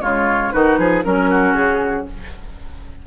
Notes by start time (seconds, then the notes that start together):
0.00 C#3 G#3 F4 C#5
0.52 D#3 D#4 F#4 B4
0.78 F3 G#4
1.04 F#3 C#4 A#4
1.30 F#4
1.54 C#3 G#4